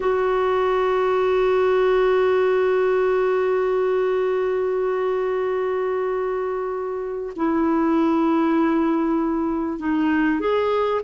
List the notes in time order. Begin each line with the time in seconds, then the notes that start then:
0.00 F#4
7.36 E4
9.79 D#4
10.39 G#4